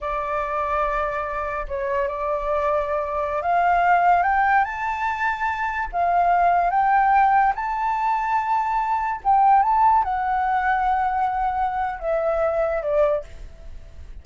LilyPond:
\new Staff \with { instrumentName = "flute" } { \time 4/4 \tempo 4 = 145 d''1 | cis''4 d''2.~ | d''16 f''2 g''4 a''8.~ | a''2~ a''16 f''4.~ f''16~ |
f''16 g''2 a''4.~ a''16~ | a''2~ a''16 g''4 a''8.~ | a''16 fis''2.~ fis''8.~ | fis''4 e''2 d''4 | }